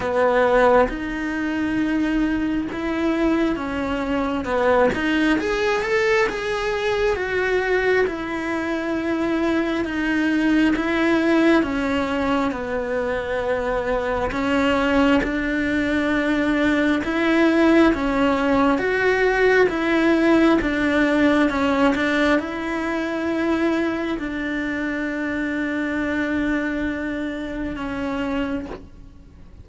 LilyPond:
\new Staff \with { instrumentName = "cello" } { \time 4/4 \tempo 4 = 67 b4 dis'2 e'4 | cis'4 b8 dis'8 gis'8 a'8 gis'4 | fis'4 e'2 dis'4 | e'4 cis'4 b2 |
cis'4 d'2 e'4 | cis'4 fis'4 e'4 d'4 | cis'8 d'8 e'2 d'4~ | d'2. cis'4 | }